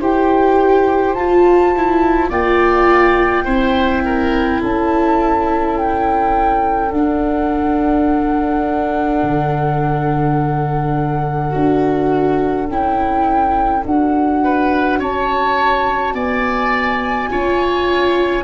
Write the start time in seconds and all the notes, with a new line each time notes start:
0.00 E4 G4 C5 G5
1.14 F4 A5
1.76 E4
2.29 A#3 F4 D5 G5
3.45 C4 E4 C5
4.06 A#4
4.61 C#4 A4 A5
5.78 G5
6.91 D4 F#5
9.23 D3
11.50 D4 F#4
12.69 C#4 E4 G5
13.85 D4 F#4 F#5
14.44 B4
14.99 C#4 C#5 A5
16.14 B3 D5 G#5
17.30 C#4 F4 C#5